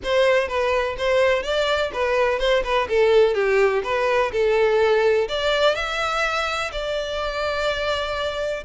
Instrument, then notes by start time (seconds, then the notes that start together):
violin
0.03 C5
0.48 B4
0.97 C5
1.42 D5
1.93 B4
2.39 C5
2.64 B4
2.88 A4
3.34 G4
3.83 B4
4.32 A4
5.28 D5
5.75 E5
6.72 D5